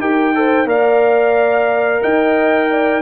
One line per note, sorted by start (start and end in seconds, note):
0.00 0.66 D#4
0.00 0.34 G4
0.00 0.35 A#4
0.00 0.68 G5
0.35 0.67 A4
0.35 0.68 C5
0.66 2.01 A#3
0.66 3.02 A#4
0.66 2.02 D5
0.66 2.03 F5
2.02 3.02 D#4
2.02 2.70 D#5
2.02 3.02 G5
2.70 3.02 D5